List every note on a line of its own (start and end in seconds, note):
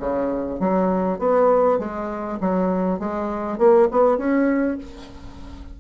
0.00 0.60 C#3
0.60 1.19 F#3
1.19 1.79 B3
1.79 2.39 G#3
2.41 3.00 F#3
3.00 3.58 G#3
3.58 3.88 A#3
3.92 4.18 B3
4.18 4.78 C#4